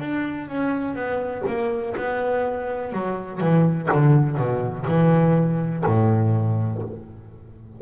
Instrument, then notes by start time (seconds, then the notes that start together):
double bass
0.00 D4
0.48 C#4
0.95 B3
1.47 A#3
1.96 B3
2.93 F#3
3.40 E3
3.92 D3
4.37 B2
4.88 E3
5.85 A2